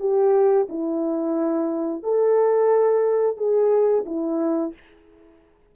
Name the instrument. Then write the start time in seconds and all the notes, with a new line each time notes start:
horn
0.00 G4
0.69 E4
2.03 A4
3.37 G#4
4.06 E4